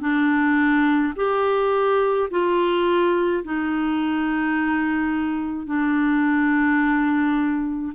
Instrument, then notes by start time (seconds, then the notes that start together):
clarinet
0.00 D4
1.16 G4
2.30 F4
3.44 D#4
5.66 D4